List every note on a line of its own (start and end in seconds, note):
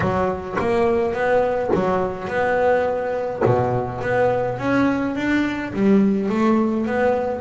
0.00 0.57 F#3
0.59 1.13 A#3
1.13 1.70 B3
1.74 2.28 F#3
2.28 3.42 B3
3.45 4.01 B2
4.01 4.58 B3
4.58 5.15 C#4
5.15 5.72 D4
5.73 6.29 G3
6.29 6.86 A3
6.86 7.40 B3